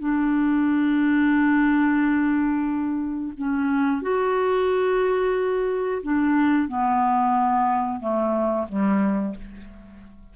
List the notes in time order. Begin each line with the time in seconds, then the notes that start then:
0.00 D4
3.38 C#4
4.02 F#4
6.03 D4
6.68 B3
8.00 A3
8.69 G3